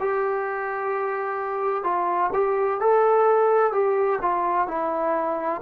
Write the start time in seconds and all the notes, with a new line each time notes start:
0.00 G4
1.84 F4
2.34 G4
2.80 A4
3.72 G4
4.22 F4
4.67 E4